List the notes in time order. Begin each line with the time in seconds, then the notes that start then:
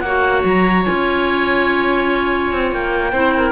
0.00 A#3 F#4 C#5 F#5
0.45 F#3 A#5
0.84 C#4 F4 G#5
2.52 C4
2.72 A#3 G5
3.12 C4 E4 C5
3.37 A#4